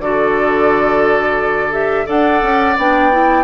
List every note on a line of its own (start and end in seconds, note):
0.00 2.07 D3
0.00 1.72 F#4
0.00 2.06 A4
0.00 1.73 D5
1.72 2.06 G4
1.72 2.07 E5
2.06 2.42 D4
2.06 2.75 A4
2.06 3.44 D5
2.06 2.78 F#5
2.42 2.77 C#4
2.77 3.44 B3
2.77 3.12 D4
2.77 3.44 G5
3.12 3.44 E4